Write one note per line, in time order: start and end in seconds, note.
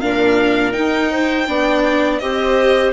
0.00 0.76 A#2
0.00 0.73 D4
0.00 1.11 A#4
0.00 0.73 F5
0.73 1.46 D#4
0.73 1.48 D#4
0.73 2.19 G5
1.11 1.48 C5
1.47 2.21 B3
1.47 2.21 D4
1.47 2.22 D5
2.19 2.93 C4
2.19 2.93 G4
2.19 2.93 C5
2.19 2.92 D#5